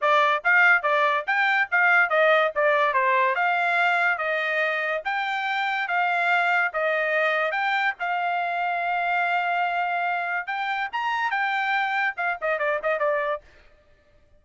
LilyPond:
\new Staff \with { instrumentName = "trumpet" } { \time 4/4 \tempo 4 = 143 d''4 f''4 d''4 g''4 | f''4 dis''4 d''4 c''4 | f''2 dis''2 | g''2 f''2 |
dis''2 g''4 f''4~ | f''1~ | f''4 g''4 ais''4 g''4~ | g''4 f''8 dis''8 d''8 dis''8 d''4 | }